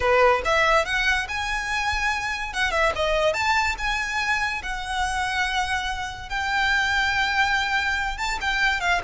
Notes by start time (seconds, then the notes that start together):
0.00 B4
0.45 E5
0.85 F#5
1.28 G#5
2.53 F#5
2.71 E5
2.95 D#5
3.33 A5
3.78 G#5
4.62 F#5
6.29 G5
8.17 A5
8.40 G5
8.80 F5